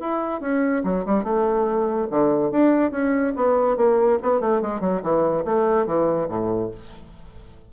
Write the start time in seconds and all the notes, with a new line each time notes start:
0.00 E4
0.41 C#4
0.84 F#3
1.06 G3
1.23 A3
2.10 D3
2.51 D4
2.91 C#4
3.36 B3
3.77 A#3
4.22 B3
4.40 A3
4.62 G#3
4.80 F#3
5.03 E3
5.45 A3
5.86 E3
6.29 A2